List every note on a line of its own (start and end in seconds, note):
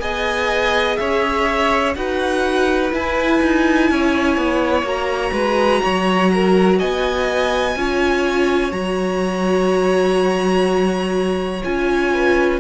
0.00 0.98 B3
0.00 1.94 G#4
0.00 0.99 D#5
0.00 0.96 G#5
0.96 1.96 C#4
0.96 1.97 C#5
0.96 1.93 E5
1.96 2.93 D#4
1.96 2.92 F#4
1.96 3.91 B4
1.96 2.93 F#5
2.92 4.85 E4
2.92 3.42 E4
2.92 4.87 G#5
3.42 3.91 D#4
3.91 4.37 C#4
3.91 5.33 C#5
4.37 4.83 B3
4.83 5.31 A#3
4.83 7.75 F#4
4.83 6.79 A#5
5.32 5.81 G#3
5.32 5.82 B4
5.83 6.82 F#3
5.83 6.31 C#5
6.34 6.79 A#4
6.79 7.76 B3
6.79 7.75 D#5
6.79 8.72 G#5
7.76 8.72 C#4
7.76 8.71 F4
7.76 12.14 C#5
8.71 11.63 F#3
8.71 11.61 F#4
8.71 11.63 A#5
11.64 12.60 C#4
11.64 12.60 F4
11.64 12.60 G#5
12.14 12.60 B4